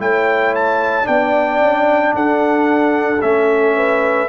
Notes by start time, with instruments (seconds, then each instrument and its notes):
0.00 tuba A3, trombone E4, horn C#5, trumpet G5
0.56 trumpet A5
1.03 tuba B3, trombone D4, trumpet G5
1.09 horn D5
1.60 tuba C#4
2.14 tuba D4, horn A4, trumpet F#5
3.22 tuba A3, trombone C#4, trumpet E5
3.76 horn B4